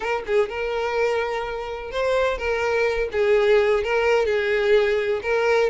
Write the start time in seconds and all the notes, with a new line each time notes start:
0.00 A#4
0.26 G#4
0.49 A#4
1.91 C5
2.37 A#4
3.12 G#4
3.83 A#4
4.25 G#4
5.22 A#4